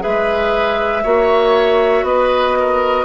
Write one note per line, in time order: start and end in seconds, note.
0.00 1.05 G#3
0.00 1.02 G#4
0.00 1.03 B4
0.00 2.05 E5
1.03 2.03 A#3
1.03 3.05 F#4
1.03 2.05 C#5
2.03 3.05 B3
2.03 2.58 B4
2.03 3.05 D#5
2.59 3.05 A#4